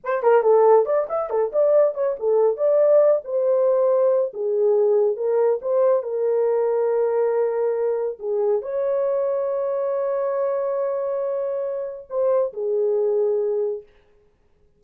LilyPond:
\new Staff \with { instrumentName = "horn" } { \time 4/4 \tempo 4 = 139 c''8 ais'8 a'4 d''8 e''8 a'8 d''8~ | d''8 cis''8 a'4 d''4. c''8~ | c''2 gis'2 | ais'4 c''4 ais'2~ |
ais'2. gis'4 | cis''1~ | cis''1 | c''4 gis'2. | }